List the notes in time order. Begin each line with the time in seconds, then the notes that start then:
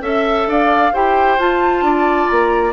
0.00 C#4 A4 E5
0.47 D4 D5 F5
0.93 E4 G4 C5 G5
1.38 F4 A5
1.81 D4 D5
2.27 A#3 A#5